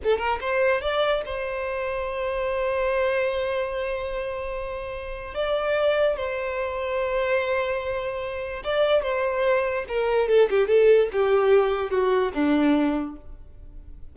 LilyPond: \new Staff \with { instrumentName = "violin" } { \time 4/4 \tempo 4 = 146 a'8 ais'8 c''4 d''4 c''4~ | c''1~ | c''1~ | c''4 d''2 c''4~ |
c''1~ | c''4 d''4 c''2 | ais'4 a'8 g'8 a'4 g'4~ | g'4 fis'4 d'2 | }